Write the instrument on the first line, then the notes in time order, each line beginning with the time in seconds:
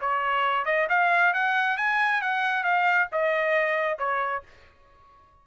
trumpet
0.00 C#5
0.65 D#5
0.89 F5
1.34 F#5
1.77 G#5
2.22 F#5
2.63 F5
3.12 D#5
3.98 C#5